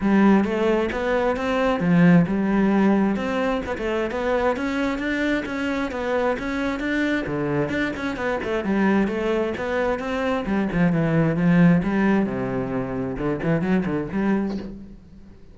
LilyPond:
\new Staff \with { instrumentName = "cello" } { \time 4/4 \tempo 4 = 132 g4 a4 b4 c'4 | f4 g2 c'4 | b16 a8. b4 cis'4 d'4 | cis'4 b4 cis'4 d'4 |
d4 d'8 cis'8 b8 a8 g4 | a4 b4 c'4 g8 f8 | e4 f4 g4 c4~ | c4 d8 e8 fis8 d8 g4 | }